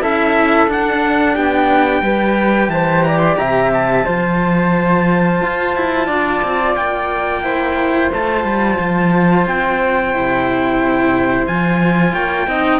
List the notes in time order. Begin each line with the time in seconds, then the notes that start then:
0.00 C#4 E4 A4 E5
0.67 D4 F#5
1.34 B3 G4 G5
2.01 G3 G4 B4
2.68 E3 C5 A5
3.04 D5 A#5
3.18 C6
3.37 C3 E5 A#5
3.73 A5
4.04 F3 F4 C5
5.42 F4
5.76 E4
6.06 D4 D5
6.43 C4
6.75 A#3 G5
7.43 E4 C5
8.11 A3 F4 A5
8.44 G3
8.79 F3
9.47 C4 G5
10.13 C3 E4
11.47 F3 F4 G#5
12.13 A#3 C#5 G5
12.47 C4 D#4 D#5